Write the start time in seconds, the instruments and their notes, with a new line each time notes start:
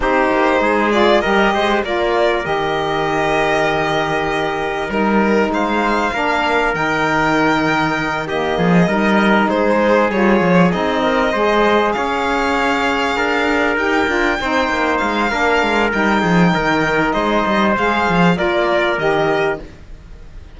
0.00 cello C4, saxophone D#4, trumpet G4, violin C5
0.32 cello A#3
0.60 cello G#3, trumpet G#4
0.91 saxophone F4, violin D5
1.20 cello G3, saxophone G4, trumpet A#4, violin D#5
1.53 cello G#3, trumpet C5
1.83 cello A#3, saxophone F4, trumpet A#4, violin D5
2.43 cello D#3, saxophone G4, violin D#5
4.89 cello G3, saxophone D#4, violin A#4
5.48 cello G#3, trumpet C5, violin F5
6.13 cello A#3, saxophone D4, trumpet A#4
6.74 cello D#3, saxophone D#4, violin G5
8.27 saxophone A#3, trumpet G4, violin D#5
8.57 cello F3, trumpet G#4
8.86 cello G3, saxophone D#4, trumpet A#4
9.48 cello G#3, trumpet G#4, violin C5
10.10 cello G3, saxophone F4, violin C#5
10.40 cello F3
10.70 cello C4, saxophone D#4, violin D#5
11.02 trumpet A#4
11.32 cello G#3, saxophone G#4, trumpet C5
11.92 cello C#4, trumpet C#5, violin F5
13.16 cello D4, trumpet A#4
13.76 cello D#4, saxophone G4, violin G5
14.06 cello D4, saxophone F4
14.41 cello C4, saxophone D#4, trumpet C5
14.69 cello A#3
14.97 cello G#3, violin F5
15.29 cello A#3, saxophone D4, trumpet A#4
15.62 cello G#3
15.91 cello G3, saxophone D#4, violin G5
16.20 cello F3, trumpet G#4
16.54 cello D#3, trumpet A#4
17.12 cello G#3, trumpet C5, violin D#5
17.46 cello G3
17.77 cello G#3, saxophone G#4, violin F5
18.09 cello F3
18.35 cello A#3, saxophone F4, trumpet A#4, violin D5
18.97 cello D#3, saxophone G4, violin D#5